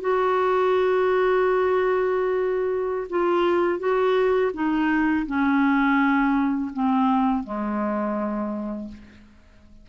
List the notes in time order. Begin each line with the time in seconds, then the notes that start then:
0.00 F#4
3.10 F4
3.79 F#4
4.53 D#4
5.26 C#4
6.73 C4
7.44 G#3